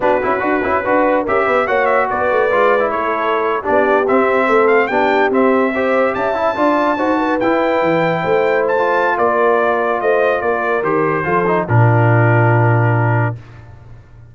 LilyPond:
<<
  \new Staff \with { instrumentName = "trumpet" } { \time 4/4 \tempo 4 = 144 b'2. e''4 | fis''8 e''8 d''2 cis''4~ | cis''8. d''4 e''4. f''8 g''16~ | g''8. e''2 a''4~ a''16~ |
a''4.~ a''16 g''2~ g''16~ | g''8. a''4~ a''16 d''2 | dis''4 d''4 c''2 | ais'1 | }
  \new Staff \with { instrumentName = "horn" } { \time 4/4 fis'2 b'4 ais'8 b'8 | cis''4 b'2 a'4~ | a'8. g'2 a'4 g'16~ | g'4.~ g'16 c''4 e''4 d''16~ |
d''8. c''8 b'2~ b'8 c''16~ | c''2 ais'2 | c''4 ais'2 a'4 | f'1 | }
  \new Staff \with { instrumentName = "trombone" } { \time 4/4 d'8 e'8 fis'8 e'8 fis'4 g'4 | fis'2 f'8. e'4~ e'16~ | e'8. d'4 c'2 d'16~ | d'8. c'4 g'4. e'8 f'16~ |
f'8. fis'4 e'2~ e'16~ | e'4 f'2.~ | f'2 g'4 f'8 dis'8 | d'1 | }
  \new Staff \with { instrumentName = "tuba" } { \time 4/4 b8 cis'8 d'8 cis'8 d'4 cis'8 b8 | ais4 b8 a8 gis4 a4~ | a8. b4 c'4 a4 b16~ | b8. c'2 cis'4 d'16~ |
d'8. dis'4 e'4 e4 a16~ | a2 ais2 | a4 ais4 dis4 f4 | ais,1 | }
>>